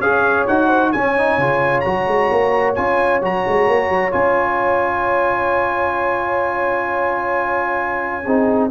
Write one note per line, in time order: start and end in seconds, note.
0.00 0.46 C#4
0.00 0.48 G#4
0.00 0.68 C#5
0.00 0.47 F5
0.47 0.95 D#4
0.47 0.95 F#4
0.47 0.92 F#5
0.68 0.91 C5
0.92 1.18 C#4
0.92 1.38 C#4
0.92 8.24 C#5
0.92 1.81 G#5
1.18 1.40 D#4
1.38 1.83 C#3
1.38 1.85 F4
1.81 2.07 F#3
1.81 2.76 F#4
1.81 2.72 A#5
2.07 2.30 G#3
2.31 2.77 A#3
2.75 3.22 C#4
2.75 3.22 F4
2.75 3.21 G#5
3.22 3.45 F#3
3.22 4.11 F#4
3.22 4.12 A#5
3.48 3.67 G#3
3.67 3.90 A#3
3.90 4.13 F#3
4.11 8.26 C#4
4.11 8.23 F4
4.11 8.70 G#5
8.24 8.71 C4
8.24 8.71 D#4
8.24 8.70 G#4